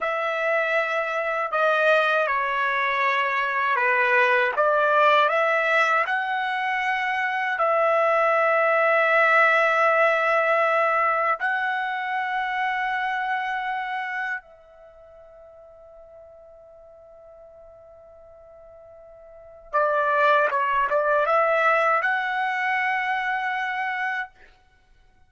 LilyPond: \new Staff \with { instrumentName = "trumpet" } { \time 4/4 \tempo 4 = 79 e''2 dis''4 cis''4~ | cis''4 b'4 d''4 e''4 | fis''2 e''2~ | e''2. fis''4~ |
fis''2. e''4~ | e''1~ | e''2 d''4 cis''8 d''8 | e''4 fis''2. | }